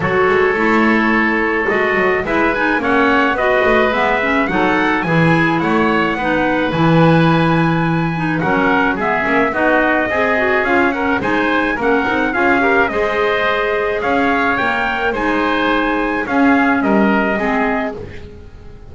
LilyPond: <<
  \new Staff \with { instrumentName = "trumpet" } { \time 4/4 \tempo 4 = 107 cis''2. dis''4 | e''8 gis''8 fis''4 dis''4 e''4 | fis''4 gis''4 fis''2 | gis''2. fis''4 |
e''4 dis''2 f''8 fis''8 | gis''4 fis''4 f''4 dis''4~ | dis''4 f''4 g''4 gis''4~ | gis''4 f''4 dis''2 | }
  \new Staff \with { instrumentName = "oboe" } { \time 4/4 a'1 | b'4 cis''4 b'2 | a'4 gis'4 cis''4 b'4~ | b'2. ais'4 |
gis'4 fis'4 gis'4. ais'8 | c''4 ais'4 gis'8 ais'8 c''4~ | c''4 cis''2 c''4~ | c''4 gis'4 ais'4 gis'4 | }
  \new Staff \with { instrumentName = "clarinet" } { \time 4/4 fis'4 e'2 fis'4 | e'8 dis'8 cis'4 fis'4 b8 cis'8 | dis'4 e'2 dis'4 | e'2~ e'8 dis'8 cis'4 |
b8 cis'8 dis'4 gis'8 fis'8 f'8 cis'8 | dis'4 cis'8 dis'8 f'8 g'8 gis'4~ | gis'2 ais'4 dis'4~ | dis'4 cis'2 c'4 | }
  \new Staff \with { instrumentName = "double bass" } { \time 4/4 fis8 gis8 a2 gis8 fis8 | gis4 ais4 b8 a8 gis4 | fis4 e4 a4 b4 | e2. fis4 |
gis8 ais8 b4 c'4 cis'4 | gis4 ais8 c'8 cis'4 gis4~ | gis4 cis'4 ais4 gis4~ | gis4 cis'4 g4 gis4 | }
>>